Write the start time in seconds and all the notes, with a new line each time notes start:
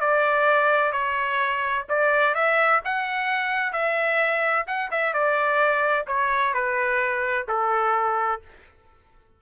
0.00 D5
0.92 C#5
1.89 D5
2.35 E5
2.85 F#5
3.73 E5
4.67 F#5
4.91 E5
5.13 D5
6.07 C#5
6.54 B4
7.48 A4